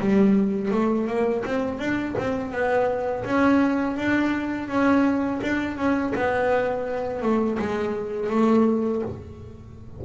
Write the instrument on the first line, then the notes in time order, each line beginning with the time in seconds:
double bass
0.00 G3
0.72 A3
1.08 A#3
1.45 C4
1.79 D4
2.18 C4
2.52 B3
3.25 C#4
3.97 D4
4.69 C#4
5.42 D4
5.77 C#4
6.15 B3
7.22 A3
7.59 G#3
8.30 A3